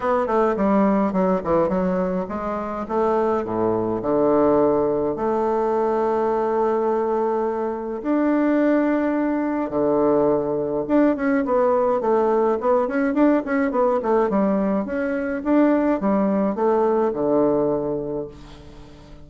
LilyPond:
\new Staff \with { instrumentName = "bassoon" } { \time 4/4 \tempo 4 = 105 b8 a8 g4 fis8 e8 fis4 | gis4 a4 a,4 d4~ | d4 a2.~ | a2 d'2~ |
d'4 d2 d'8 cis'8 | b4 a4 b8 cis'8 d'8 cis'8 | b8 a8 g4 cis'4 d'4 | g4 a4 d2 | }